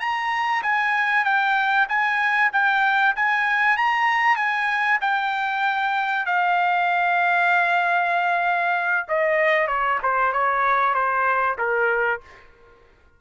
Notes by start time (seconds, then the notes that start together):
0.00 A#5
0.63 G#5
1.25 G5
1.89 G#5
2.53 G5
3.16 G#5
3.77 A#5
4.36 G#5
5.01 G5
6.26 F5
9.08 D#5
9.68 C#5
10.03 C5
10.33 C#5
10.95 C5
11.58 A#4